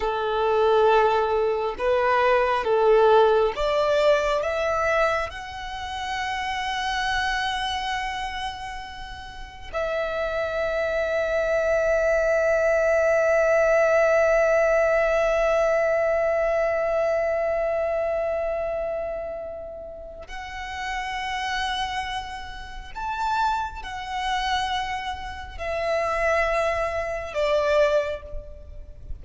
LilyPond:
\new Staff \with { instrumentName = "violin" } { \time 4/4 \tempo 4 = 68 a'2 b'4 a'4 | d''4 e''4 fis''2~ | fis''2. e''4~ | e''1~ |
e''1~ | e''2. fis''4~ | fis''2 a''4 fis''4~ | fis''4 e''2 d''4 | }